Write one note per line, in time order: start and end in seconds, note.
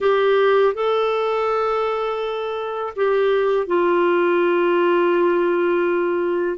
0.00 0.74 G4
0.74 2.93 A4
2.96 3.67 G4
3.67 6.57 F4